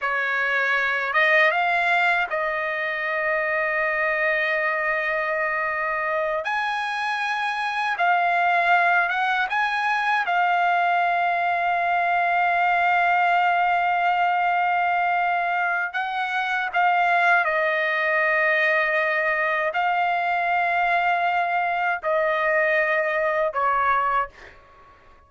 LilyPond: \new Staff \with { instrumentName = "trumpet" } { \time 4/4 \tempo 4 = 79 cis''4. dis''8 f''4 dis''4~ | dis''1~ | dis''8 gis''2 f''4. | fis''8 gis''4 f''2~ f''8~ |
f''1~ | f''4 fis''4 f''4 dis''4~ | dis''2 f''2~ | f''4 dis''2 cis''4 | }